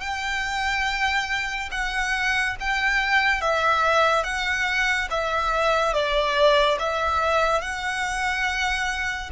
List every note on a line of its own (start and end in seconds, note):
0.00 1.69 G5
1.71 2.56 F#5
2.60 3.41 G5
3.41 4.23 E5
4.23 5.08 F#5
5.10 5.93 E5
5.93 6.78 D5
6.79 7.61 E5
7.61 9.30 F#5